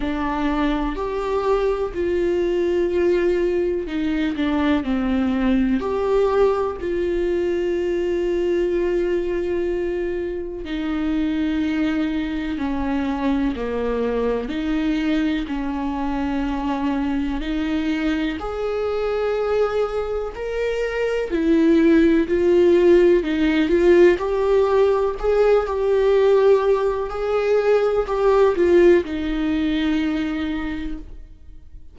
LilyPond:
\new Staff \with { instrumentName = "viola" } { \time 4/4 \tempo 4 = 62 d'4 g'4 f'2 | dis'8 d'8 c'4 g'4 f'4~ | f'2. dis'4~ | dis'4 cis'4 ais4 dis'4 |
cis'2 dis'4 gis'4~ | gis'4 ais'4 e'4 f'4 | dis'8 f'8 g'4 gis'8 g'4. | gis'4 g'8 f'8 dis'2 | }